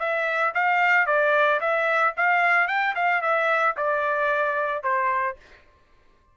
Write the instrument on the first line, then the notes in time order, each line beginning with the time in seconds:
trumpet
0.00 E5
0.55 F5
1.07 D5
1.61 E5
2.17 F5
2.68 G5
2.96 F5
3.22 E5
3.77 D5
4.83 C5